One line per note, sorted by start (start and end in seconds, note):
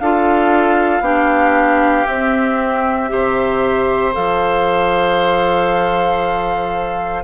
0.00 1.01 D4
0.00 1.03 F4
0.00 1.03 A4
0.00 2.07 F5
1.01 2.05 B3
1.01 2.07 D4
1.01 3.10 G4
2.07 3.09 C4
2.07 3.11 C4
2.07 4.14 E5
3.09 4.14 C3
3.09 4.12 G4
3.09 7.24 C5
4.13 7.24 F3
4.13 7.23 A4
4.13 7.24 F5